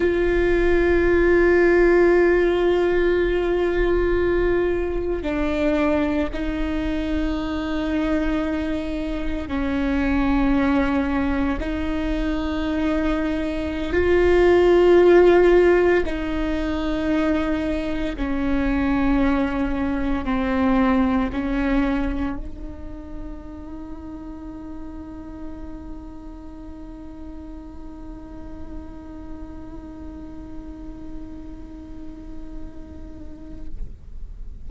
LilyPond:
\new Staff \with { instrumentName = "viola" } { \time 4/4 \tempo 4 = 57 f'1~ | f'4 d'4 dis'2~ | dis'4 cis'2 dis'4~ | dis'4~ dis'16 f'2 dis'8.~ |
dis'4~ dis'16 cis'2 c'8.~ | c'16 cis'4 dis'2~ dis'8.~ | dis'1~ | dis'1 | }